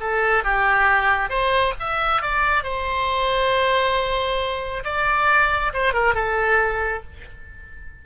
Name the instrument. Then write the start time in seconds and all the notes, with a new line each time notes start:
oboe
0.00 A4
0.44 G4
1.29 C5
1.79 E5
2.22 D5
2.63 C5
4.84 D5
5.74 C5
5.93 A#4
6.15 A4